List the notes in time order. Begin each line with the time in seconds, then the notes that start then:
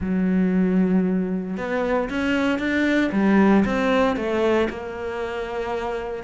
0.00 F#3
1.57 B3
2.09 C#4
2.58 D4
3.12 G3
3.65 C4
4.16 A3
4.69 A#3